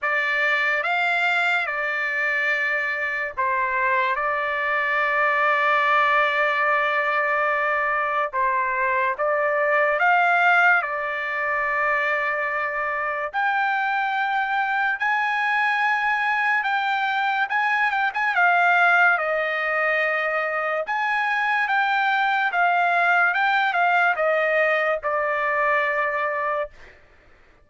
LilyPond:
\new Staff \with { instrumentName = "trumpet" } { \time 4/4 \tempo 4 = 72 d''4 f''4 d''2 | c''4 d''2.~ | d''2 c''4 d''4 | f''4 d''2. |
g''2 gis''2 | g''4 gis''8 g''16 gis''16 f''4 dis''4~ | dis''4 gis''4 g''4 f''4 | g''8 f''8 dis''4 d''2 | }